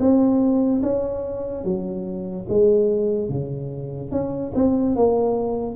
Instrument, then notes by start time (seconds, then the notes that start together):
tuba
0.00 C4
0.83 C#4
1.65 F#3
2.50 G#3
3.30 C#3
4.12 C#4
4.55 C4
4.96 A#3